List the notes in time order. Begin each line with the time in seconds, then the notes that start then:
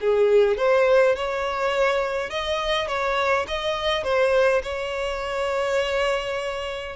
0.00 G#4
0.57 C5
1.15 C#5
2.30 D#5
2.87 C#5
3.47 D#5
4.03 C5
4.63 C#5